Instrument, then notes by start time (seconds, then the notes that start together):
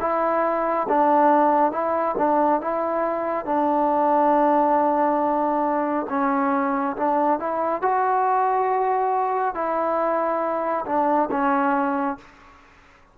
trombone
0.00 E4
0.88 D4
1.72 E4
2.17 D4
2.61 E4
3.45 D4
6.09 C#4
6.96 D4
7.39 E4
7.81 F#4
9.54 E4
10.85 D4
11.31 C#4